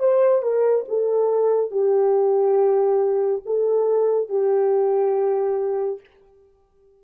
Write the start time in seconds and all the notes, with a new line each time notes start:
0.00 C5
0.43 A#4
0.89 A4
1.72 G4
3.46 A4
4.29 G4